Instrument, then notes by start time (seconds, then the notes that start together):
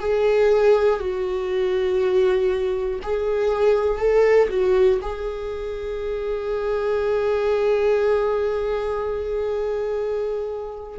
viola
0.00 G#4
1.00 F#4
3.03 G#4
3.99 A4
4.50 F#4
5.01 G#4